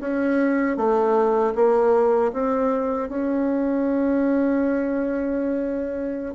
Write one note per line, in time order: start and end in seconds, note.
0.00 0.77 C#4
0.77 1.54 A3
1.55 2.32 A#3
2.33 3.09 C4
3.09 6.35 C#4